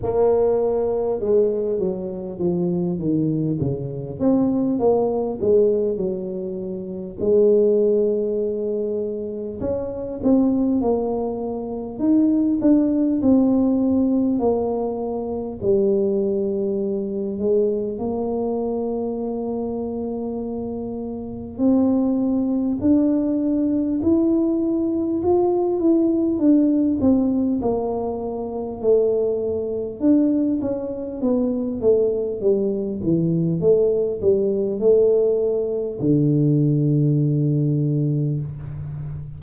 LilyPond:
\new Staff \with { instrumentName = "tuba" } { \time 4/4 \tempo 4 = 50 ais4 gis8 fis8 f8 dis8 cis8 c'8 | ais8 gis8 fis4 gis2 | cis'8 c'8 ais4 dis'8 d'8 c'4 | ais4 g4. gis8 ais4~ |
ais2 c'4 d'4 | e'4 f'8 e'8 d'8 c'8 ais4 | a4 d'8 cis'8 b8 a8 g8 e8 | a8 g8 a4 d2 | }